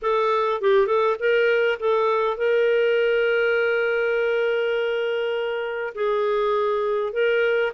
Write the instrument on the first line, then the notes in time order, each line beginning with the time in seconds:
clarinet
0.02 A4
0.61 G4
0.86 A4
1.19 A#4
1.79 A4
2.37 A#4
5.95 G#4
7.12 A#4